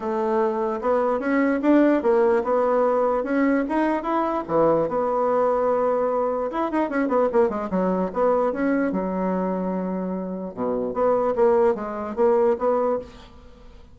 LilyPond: \new Staff \with { instrumentName = "bassoon" } { \time 4/4 \tempo 4 = 148 a2 b4 cis'4 | d'4 ais4 b2 | cis'4 dis'4 e'4 e4 | b1 |
e'8 dis'8 cis'8 b8 ais8 gis8 fis4 | b4 cis'4 fis2~ | fis2 b,4 b4 | ais4 gis4 ais4 b4 | }